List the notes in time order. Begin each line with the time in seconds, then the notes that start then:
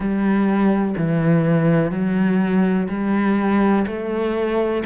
0.00 G3
0.97 E3
1.91 F#3
2.89 G3
3.87 A3